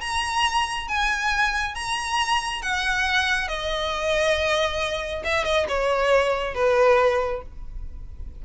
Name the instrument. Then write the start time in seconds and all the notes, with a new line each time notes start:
violin
0.00 A#5
0.88 G#5
1.75 A#5
2.62 F#5
3.48 D#5
5.24 E5
5.44 D#5
5.68 C#5
6.54 B4